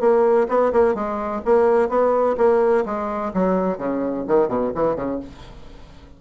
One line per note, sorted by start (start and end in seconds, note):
0.00 0.47 A#3
0.49 0.72 B3
0.72 0.94 A#3
0.94 1.42 G#3
1.45 1.89 A#3
1.89 2.36 B3
2.37 2.84 A#3
2.85 3.32 G#3
3.33 3.78 F#3
3.78 4.25 C#3
4.27 4.48 D#3
4.48 4.72 B2
4.75 4.96 E3
4.96 5.19 C#3